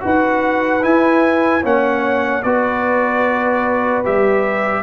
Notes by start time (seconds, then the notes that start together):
0.00 D#4 F#4 B4
0.06 F#5
0.82 E4 G#5
1.62 A#3 C#4 C#5 F#5
2.43 B3 F#4 B4 D5
4.04 G3 G4 E5